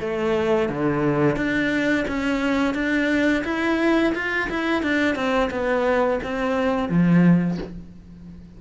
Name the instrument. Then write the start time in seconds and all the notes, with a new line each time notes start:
cello
0.00 A3
0.69 D3
1.36 D4
2.08 C#4
2.74 D4
3.44 E4
4.14 F4
4.50 E4
4.82 D4
5.15 C4
5.50 B3
6.23 C4
6.89 F3